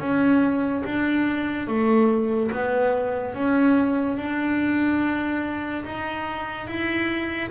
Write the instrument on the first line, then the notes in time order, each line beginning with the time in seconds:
double bass
0.00 C#4
0.85 D4
1.68 A3
2.51 B3
3.34 C#4
4.18 D4
5.85 D#4
6.67 E4